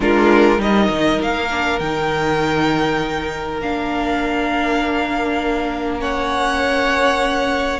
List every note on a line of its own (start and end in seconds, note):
0.00 0.58 G#3
0.00 0.57 D4
0.00 0.60 F4
0.00 0.60 A#4
0.57 0.88 G3
0.57 1.47 D#4
0.57 6.00 A#4
0.57 1.21 D#5
0.89 1.19 D#3
1.20 1.80 A#3
1.20 1.79 F5
1.50 1.80 D4
1.79 3.60 D#3
1.79 3.62 D#4
1.79 3.59 G5
3.60 7.79 A#3
3.60 5.98 D4
3.60 6.00 F5
5.98 7.78 C#4
5.98 7.79 C#5
5.98 7.79 F#5